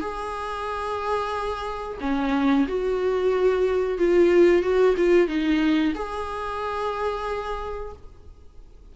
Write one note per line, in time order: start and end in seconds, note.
0.00 1.98 G#4
2.00 2.66 C#4
2.67 3.98 F#4
3.98 4.62 F4
4.62 4.95 F#4
4.97 5.27 F4
5.27 5.93 D#4
5.95 7.92 G#4